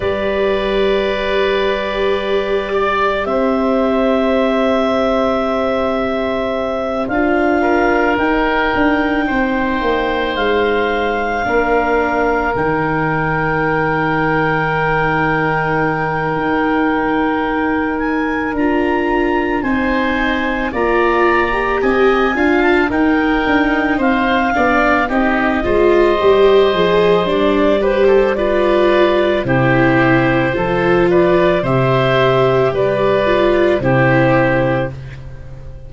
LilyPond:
<<
  \new Staff \with { instrumentName = "clarinet" } { \time 4/4 \tempo 4 = 55 d''2. e''4~ | e''2~ e''8 f''4 g''8~ | g''4. f''2 g''8~ | g''1~ |
g''8 gis''8 ais''4 gis''4 ais''4 | gis''8. a''16 g''4 f''4 dis''4~ | dis''4 d''8 c''8 d''4 c''4~ | c''8 d''8 e''4 d''4 c''4 | }
  \new Staff \with { instrumentName = "oboe" } { \time 4/4 b'2~ b'8 d''8 c''4~ | c''2. ais'4~ | ais'8 c''2 ais'4.~ | ais'1~ |
ais'2 c''4 d''4 | dis''8 f''8 ais'4 c''8 d''8 g'8 c''8~ | c''4. b'16 a'16 b'4 g'4 | a'8 b'8 c''4 b'4 g'4 | }
  \new Staff \with { instrumentName = "viola" } { \time 4/4 g'1~ | g'2~ g'8 f'4 dis'8~ | dis'2~ dis'8 d'4 dis'8~ | dis'1~ |
dis'4 f'4 dis'4 f'8. g'16~ | g'8 f'8 dis'4. d'8 dis'8 f'8 | g'8 gis'8 d'8 g'8 f'4 e'4 | f'4 g'4. f'8 e'4 | }
  \new Staff \with { instrumentName = "tuba" } { \time 4/4 g2. c'4~ | c'2~ c'8 d'4 dis'8 | d'8 c'8 ais8 gis4 ais4 dis8~ | dis2. dis'4~ |
dis'4 d'4 c'4 ais4 | c'8 d'8 dis'8 d'8 c'8 b8 c'8 gis8 | g8 f8 g2 c4 | f4 c4 g4 c4 | }
>>